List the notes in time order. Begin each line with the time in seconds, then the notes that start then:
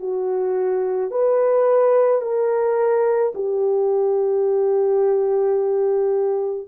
0.00 F#4
1.11 B4
2.22 A#4
3.35 G4